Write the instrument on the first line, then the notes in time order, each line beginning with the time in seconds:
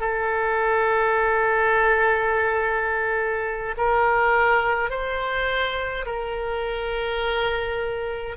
oboe
0.00 A4
3.77 A#4
4.90 C5
6.06 A#4